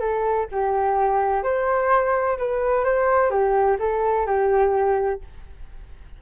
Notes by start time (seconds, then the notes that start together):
0.00 A4
0.52 G4
1.43 C5
2.38 B4
2.85 C5
3.30 G4
3.79 A4
4.26 G4